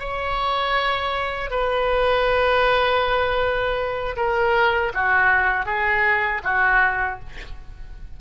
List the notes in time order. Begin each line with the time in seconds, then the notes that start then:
0.00 C#5
1.51 B4
4.17 A#4
4.95 F#4
5.66 G#4
6.44 F#4